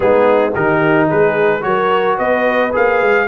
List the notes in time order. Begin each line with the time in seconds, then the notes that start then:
0.00 G#3 B3 D#4 G#4
0.52 D#3 D#4 G4 A#4
1.07 G#3 G#4 B4
1.61 F#3 F#4 A#4 C#5
2.17 B3 B4 D#5
2.72 A#3 G#4 F5
3.01 G#3